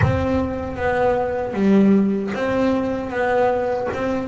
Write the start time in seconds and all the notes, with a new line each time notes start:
0.01 C4
0.76 B3
1.53 G3
2.33 C4
3.10 B3
3.93 C4